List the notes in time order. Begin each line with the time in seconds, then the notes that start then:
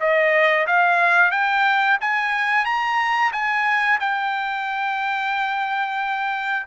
0.00 D#5
0.67 F5
1.31 G5
2.01 G#5
2.65 A#5
3.32 G#5
4.00 G5